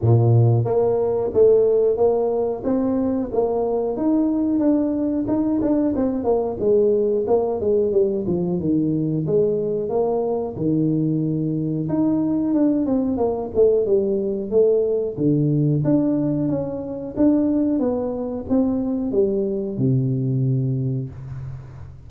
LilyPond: \new Staff \with { instrumentName = "tuba" } { \time 4/4 \tempo 4 = 91 ais,4 ais4 a4 ais4 | c'4 ais4 dis'4 d'4 | dis'8 d'8 c'8 ais8 gis4 ais8 gis8 | g8 f8 dis4 gis4 ais4 |
dis2 dis'4 d'8 c'8 | ais8 a8 g4 a4 d4 | d'4 cis'4 d'4 b4 | c'4 g4 c2 | }